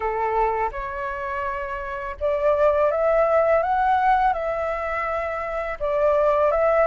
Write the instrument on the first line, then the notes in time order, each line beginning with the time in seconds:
flute
0.00 A4
0.71 C#5
2.20 D5
2.91 E5
3.62 F#5
4.33 E5
5.79 D5
6.51 E5